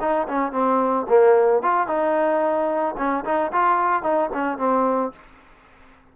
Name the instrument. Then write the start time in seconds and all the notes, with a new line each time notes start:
trombone
0.00 D#4
0.28 C#4
0.52 C4
1.08 A#3
1.62 F4
1.87 D#4
2.97 C#4
3.24 D#4
3.52 F4
4.03 D#4
4.33 C#4
4.57 C4